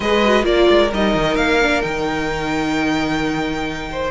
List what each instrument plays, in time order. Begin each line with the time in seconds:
0.00 cello G#3, viola G#4, violin B4 D#5
0.24 viola F#4
0.42 cello A#3, viola F4, violin A#4 D5
0.70 cello G#3
0.92 cello G3, viola D#4, violin D#5
1.14 cello D#3
1.35 cello A#3, violin F5
1.61 viola D4
1.81 cello D#3, viola D#4, violin G5
3.91 violin C5